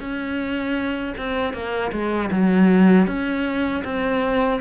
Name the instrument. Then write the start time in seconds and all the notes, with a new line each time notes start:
cello
0.00 C#4
1.17 C4
1.53 A#3
1.92 G#3
2.31 F#3
3.07 C#4
3.84 C4